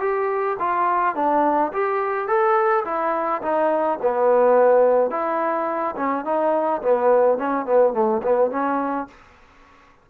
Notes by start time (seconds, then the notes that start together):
0.00 G4
0.59 F4
1.15 D4
1.73 G4
2.27 A4
2.85 E4
3.42 D#4
4.02 B3
5.10 E4
5.96 C#4
6.25 D#4
6.82 B3
7.38 C#4
7.66 B3
7.93 A3
8.23 B3
8.51 C#4